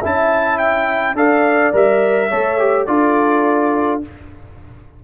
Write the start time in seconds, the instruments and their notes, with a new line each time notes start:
0.00 tuba C#4, trombone E4, horn E5, trumpet A5
0.58 trumpet G5
1.14 tuba D4, trombone A4, horn D5, trumpet F5
1.72 tuba G3, trombone A#4, trumpet E5
2.28 tuba A3, trombone A4, horn C#5
2.58 trombone G4
2.86 tuba D4, trombone F4, horn A4, trumpet D5